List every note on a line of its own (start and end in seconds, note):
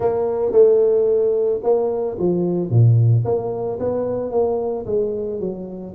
0.00 0.52 A#3
0.52 1.60 A3
1.63 2.17 A#3
2.18 2.70 F3
2.70 3.24 A#2
3.24 3.78 A#3
3.79 4.31 B3
4.31 4.85 A#3
4.86 5.40 G#3
5.40 5.94 F#3